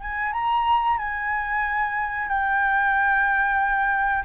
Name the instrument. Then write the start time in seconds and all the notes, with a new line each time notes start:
flute
0.00 G#5
0.32 A#5
0.97 G#5
2.28 G5